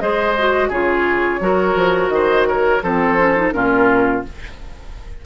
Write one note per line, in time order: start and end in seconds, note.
0.00 0.70 G#3
0.00 0.36 G#4
0.00 0.69 C5
0.00 0.71 D#5
0.38 0.72 F#4
0.69 1.40 C#3
0.69 1.40 F4
0.69 1.39 G#4
0.69 2.09 C#5
1.40 1.75 F#3
1.40 2.81 F#4
1.40 2.14 A#4
1.75 2.09 F3
2.09 2.80 D#3
2.09 2.48 C5
2.09 2.44 D#5
2.47 2.83 A#4
2.47 2.83 C#5
2.82 3.53 F3
2.82 3.18 C4
2.82 3.54 A4
2.82 3.52 C5
3.18 3.36 C#4
3.36 3.53 D#4
3.52 4.24 A#2
3.52 4.23 C#4
3.52 4.25 F4
3.52 4.22 A#4